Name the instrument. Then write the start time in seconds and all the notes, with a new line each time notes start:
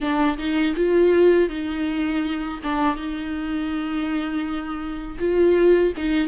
viola
0.00 D4
0.37 D#4
0.75 F4
1.49 D#4
2.63 D4
2.96 D#4
5.19 F4
5.96 D#4